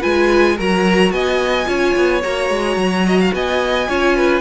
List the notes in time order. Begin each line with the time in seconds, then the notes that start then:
0.00 G#3 F4 B4 G#5
0.57 F#3 F#4 A#4 A#5
1.12 B3 D#5 G#5
1.66 C#4 F4 C#5
1.97 B3
2.24 A#3 F#4 A#5
2.50 G#3
2.76 F#3
3.06 D#5
3.20 F5
3.34 B3 D#5 G#5
3.89 C#4 F4 C#5
4.17 B4